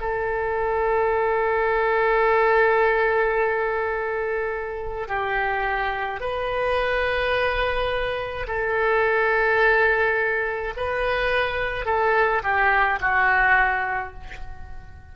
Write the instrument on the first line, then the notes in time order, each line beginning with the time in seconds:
oboe
0.00 A4
5.08 G4
6.20 B4
8.48 A4
10.77 B4
11.86 A4
12.43 G4
13.01 F#4